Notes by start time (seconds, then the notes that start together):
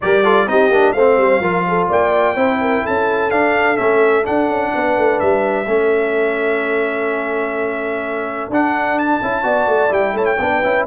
0.01 G3 G4 A#4 D5
0.23 F4 A4
0.46 C4 D#4 G4 D#5
0.70 A#3 D4
0.92 A3 C4 C5 F5
1.17 G3
1.40 F3 F4 A#4
1.68 A4
1.89 A#3 D5 G5
2.34 C4 E4 C5
2.61 A#4
2.83 C#4 A4 A5
3.30 D4 F5
3.76 A3 C#4 E5
4.23 D4 F#5
4.47 C#4
4.73 B3 B4
4.97 A3
5.19 G3 E5
5.66 A3 C#4 A4
8.49 D4 F#5
8.98 A5
9.22 C#4 E4
9.42 B3 F#4 D5
9.67 A3
9.89 G3 E4 G5
10.13 A3 C#5 A5
10.25 G5
10.39 B3 D4 B4
10.63 C#4 E4